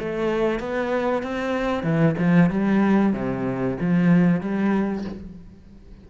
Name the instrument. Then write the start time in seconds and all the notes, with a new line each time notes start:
cello
0.00 A3
0.60 B3
1.23 C4
1.84 E3
2.18 F3
2.51 G3
3.14 C3
3.81 F3
4.41 G3